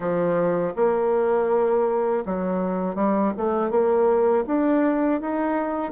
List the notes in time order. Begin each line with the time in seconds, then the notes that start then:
0.00 F3
0.76 A#3
2.25 F#3
2.95 G3
3.37 A3
3.70 A#3
4.46 D4
5.20 D#4